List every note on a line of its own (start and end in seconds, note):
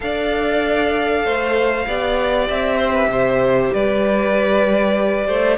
0.00 1.24 D4
0.00 1.84 A4
0.00 1.25 D5
0.00 2.48 F5
1.24 1.86 A3
1.24 1.86 C5
1.87 2.49 B3
1.87 5.57 G4
1.87 2.77 D5
2.49 3.07 C4
2.49 3.73 E5
2.77 2.92 C5
2.93 3.08 B4
3.07 3.69 C3
3.07 3.73 C5
3.73 5.27 G3
3.73 5.26 B4
3.73 5.57 D5
5.26 5.57 A3
5.26 5.57 C5